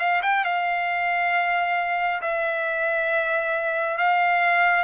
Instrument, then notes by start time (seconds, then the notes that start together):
trumpet
0.00 F5
0.23 G5
0.45 F5
2.22 E5
3.98 F5